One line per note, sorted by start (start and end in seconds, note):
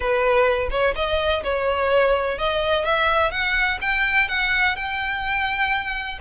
0.00 0.69 B4
0.70 0.94 C#5
0.95 1.43 D#5
1.43 2.38 C#5
2.38 2.84 D#5
2.84 3.31 E5
3.31 3.79 F#5
3.81 4.28 G5
4.28 4.76 F#5
4.76 6.18 G5